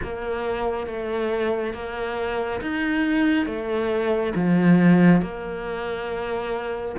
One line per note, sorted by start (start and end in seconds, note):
0.02 0.86 A#3
0.86 1.73 A3
1.74 2.60 A#3
2.61 3.46 D#4
3.46 4.33 A3
4.35 5.21 F3
5.21 6.95 A#3